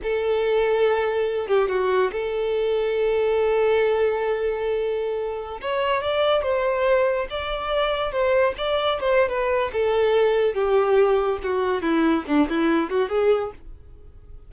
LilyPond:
\new Staff \with { instrumentName = "violin" } { \time 4/4 \tempo 4 = 142 a'2.~ a'8 g'8 | fis'4 a'2.~ | a'1~ | a'4~ a'16 cis''4 d''4 c''8.~ |
c''4~ c''16 d''2 c''8.~ | c''16 d''4 c''8. b'4 a'4~ | a'4 g'2 fis'4 | e'4 d'8 e'4 fis'8 gis'4 | }